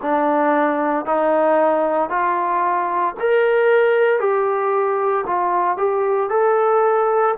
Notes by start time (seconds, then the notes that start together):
0.01 D4
1.05 D#4
2.09 F4
3.19 A#4
4.19 G4
5.26 F4
5.77 G4
6.29 A4